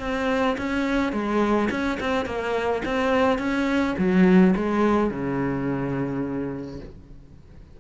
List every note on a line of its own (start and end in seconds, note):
0.00 0.57 C4
0.58 1.12 C#4
1.12 1.69 G#3
1.71 1.99 C#4
2.00 2.26 C4
2.26 2.83 A#3
2.85 3.39 C4
3.39 3.95 C#4
3.98 4.55 F#3
4.56 5.11 G#3
5.11 6.81 C#3